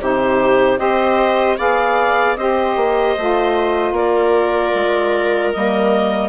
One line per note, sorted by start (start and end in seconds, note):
0.00 0.79 C3
0.00 0.78 D#4
0.00 0.80 G4
0.00 0.78 C5
0.78 1.58 C4
0.78 1.57 G4
0.78 1.58 C5
0.78 1.57 D#5
1.57 2.37 B3
1.57 2.36 G#4
1.57 2.37 D5
1.57 2.36 F5
2.36 2.76 C4
2.36 3.17 G4
2.36 3.94 C5
2.36 3.94 D#5
2.76 3.16 A#3
3.18 3.92 A3
3.18 5.53 F4
3.92 4.71 A#3
3.92 6.29 A#4
3.92 5.52 D5
4.74 5.53 G#3
5.52 6.29 G3
5.52 6.29 A#3
5.52 6.29 D#5